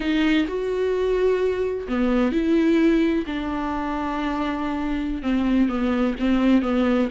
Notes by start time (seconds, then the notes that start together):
0.00 D#4
0.47 F#4
1.88 B3
2.32 E4
3.26 D4
5.22 C4
5.68 B3
6.19 C4
6.62 B3